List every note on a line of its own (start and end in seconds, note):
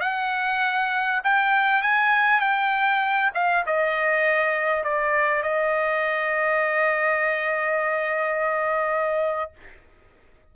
0.00 1.21 F#5
1.24 1.82 G5
1.82 2.40 G#5
2.40 3.31 G5
3.34 3.64 F5
3.66 4.83 D#5
4.83 5.42 D5
5.42 9.51 D#5